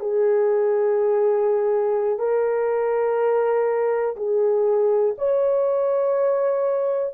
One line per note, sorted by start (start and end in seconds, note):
0.00 2.19 G#4
2.19 4.16 A#4
4.17 5.15 G#4
5.18 7.14 C#5